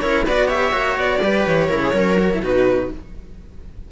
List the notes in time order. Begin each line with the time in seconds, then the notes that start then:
0.00 C#4 E4 A#4 C#5
0.26 B3 F#4 B4 D5
0.47 G4 C#5 E5
0.72 A#3 F#4
0.97 B3 D5
1.21 G3 G4 B4
1.46 E3 C#5
1.68 C#3 E4 A#4
1.83 G#4
1.93 F#3 C#4 A#4
2.19 F#4
2.32 E4
2.39 B2 D#4 F#4 B4